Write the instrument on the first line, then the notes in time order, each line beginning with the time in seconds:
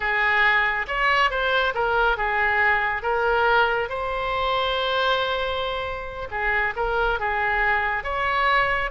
oboe
0.00 G#4
0.87 C#5
1.30 C5
1.74 A#4
2.17 G#4
3.02 A#4
3.89 C5
6.30 G#4
6.76 A#4
7.19 G#4
8.03 C#5